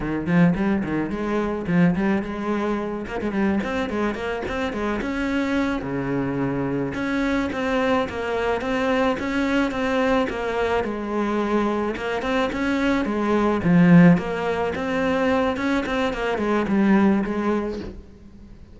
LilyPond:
\new Staff \with { instrumentName = "cello" } { \time 4/4 \tempo 4 = 108 dis8 f8 g8 dis8 gis4 f8 g8 | gis4. ais16 gis16 g8 c'8 gis8 ais8 | c'8 gis8 cis'4. cis4.~ | cis8 cis'4 c'4 ais4 c'8~ |
c'8 cis'4 c'4 ais4 gis8~ | gis4. ais8 c'8 cis'4 gis8~ | gis8 f4 ais4 c'4. | cis'8 c'8 ais8 gis8 g4 gis4 | }